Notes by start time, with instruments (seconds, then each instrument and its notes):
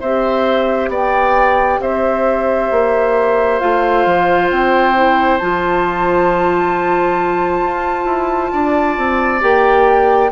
0.00 bassoon C4, clarinet G4, oboe C5, flute E5
0.88 bassoon B3, oboe D5, flute G5
1.80 bassoon C4, oboe C5, flute E5
2.71 bassoon A#3
3.59 bassoon A3, clarinet F4, flute F5
4.06 bassoon F3
4.51 bassoon C4, flute G5
4.95 clarinet E4
5.38 bassoon F3, clarinet F4, flute A5
7.61 bassoon F4
8.05 bassoon E4
8.52 bassoon D4, oboe D5
8.97 bassoon C4
9.40 bassoon A#3, clarinet G4, flute G5